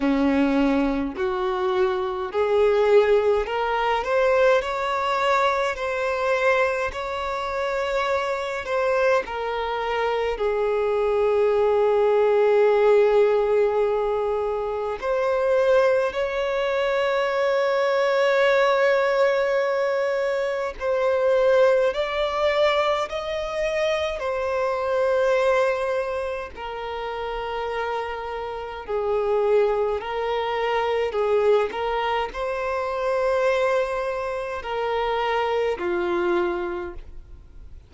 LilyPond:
\new Staff \with { instrumentName = "violin" } { \time 4/4 \tempo 4 = 52 cis'4 fis'4 gis'4 ais'8 c''8 | cis''4 c''4 cis''4. c''8 | ais'4 gis'2.~ | gis'4 c''4 cis''2~ |
cis''2 c''4 d''4 | dis''4 c''2 ais'4~ | ais'4 gis'4 ais'4 gis'8 ais'8 | c''2 ais'4 f'4 | }